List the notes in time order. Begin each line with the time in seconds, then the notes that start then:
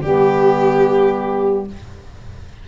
0.00 G3 B3 G4